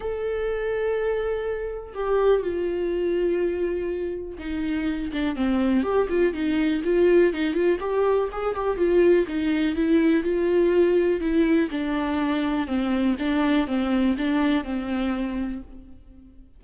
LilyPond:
\new Staff \with { instrumentName = "viola" } { \time 4/4 \tempo 4 = 123 a'1 | g'4 f'2.~ | f'4 dis'4. d'8 c'4 | g'8 f'8 dis'4 f'4 dis'8 f'8 |
g'4 gis'8 g'8 f'4 dis'4 | e'4 f'2 e'4 | d'2 c'4 d'4 | c'4 d'4 c'2 | }